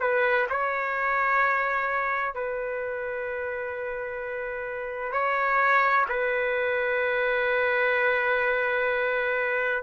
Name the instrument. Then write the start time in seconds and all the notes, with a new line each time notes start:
trumpet
0.00 B4
0.49 C#5
2.34 B4
5.12 C#5
6.09 B4